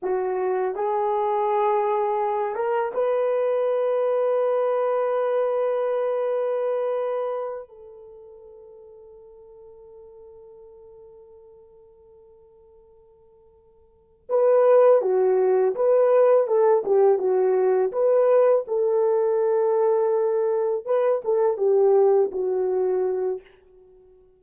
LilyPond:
\new Staff \with { instrumentName = "horn" } { \time 4/4 \tempo 4 = 82 fis'4 gis'2~ gis'8 ais'8 | b'1~ | b'2~ b'8 a'4.~ | a'1~ |
a'2.~ a'8 b'8~ | b'8 fis'4 b'4 a'8 g'8 fis'8~ | fis'8 b'4 a'2~ a'8~ | a'8 b'8 a'8 g'4 fis'4. | }